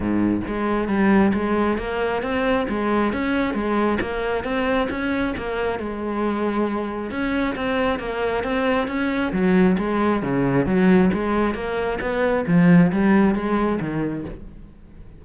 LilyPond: \new Staff \with { instrumentName = "cello" } { \time 4/4 \tempo 4 = 135 gis,4 gis4 g4 gis4 | ais4 c'4 gis4 cis'4 | gis4 ais4 c'4 cis'4 | ais4 gis2. |
cis'4 c'4 ais4 c'4 | cis'4 fis4 gis4 cis4 | fis4 gis4 ais4 b4 | f4 g4 gis4 dis4 | }